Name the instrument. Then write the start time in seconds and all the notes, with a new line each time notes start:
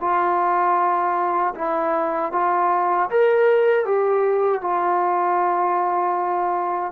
trombone
0.00 F4
1.55 E4
2.32 F4
3.09 A#4
3.85 G4
4.61 F4